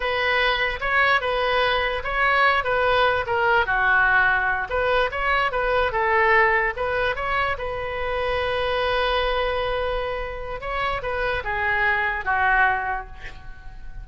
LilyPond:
\new Staff \with { instrumentName = "oboe" } { \time 4/4 \tempo 4 = 147 b'2 cis''4 b'4~ | b'4 cis''4. b'4. | ais'4 fis'2~ fis'8 b'8~ | b'8 cis''4 b'4 a'4.~ |
a'8 b'4 cis''4 b'4.~ | b'1~ | b'2 cis''4 b'4 | gis'2 fis'2 | }